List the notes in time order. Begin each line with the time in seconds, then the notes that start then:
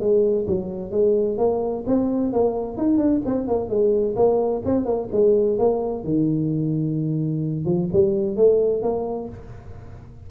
0.00 G#3
0.48 F#3
0.92 G#3
1.38 A#3
1.87 C4
2.33 A#3
2.78 D#4
2.98 D4
3.26 C4
3.48 A#3
3.69 G#3
4.16 A#3
4.65 C4
4.85 A#3
5.12 G#3
5.59 A#3
6.04 D#3
7.66 F3
7.93 G3
8.36 A3
8.83 A#3